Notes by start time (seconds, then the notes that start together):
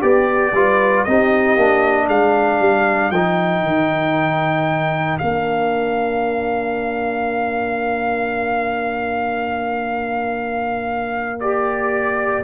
0.00 B3 G4 D5
0.52 G3 F4 B4
1.04 C4 D#4 G4 D#5
1.56 A#3 D4
2.05 G#3 A#4 F5
2.60 G3
3.11 F3 D#4 G5
3.62 D#3
5.18 A#3 D4 F5
11.40 G4 D5